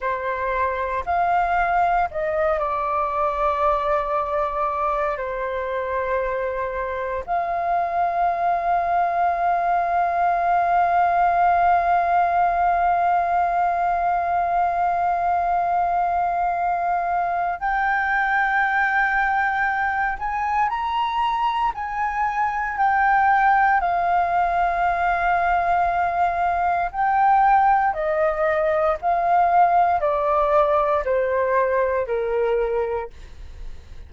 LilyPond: \new Staff \with { instrumentName = "flute" } { \time 4/4 \tempo 4 = 58 c''4 f''4 dis''8 d''4.~ | d''4 c''2 f''4~ | f''1~ | f''1~ |
f''4 g''2~ g''8 gis''8 | ais''4 gis''4 g''4 f''4~ | f''2 g''4 dis''4 | f''4 d''4 c''4 ais'4 | }